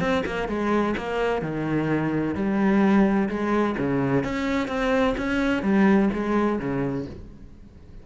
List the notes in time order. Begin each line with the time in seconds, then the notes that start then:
0.00 C4
0.26 A#3
0.48 G#3
0.97 A#3
1.42 D#3
2.35 G3
3.29 G#3
3.78 C#3
4.24 C#4
4.68 C4
5.18 C#4
5.63 G3
6.13 G#3
6.59 C#3